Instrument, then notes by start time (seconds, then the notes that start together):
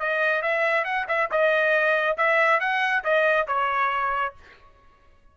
trumpet
0.00 D#5
0.43 E5
0.85 F#5
1.09 E5
1.32 D#5
2.18 E5
2.60 F#5
3.04 D#5
3.48 C#5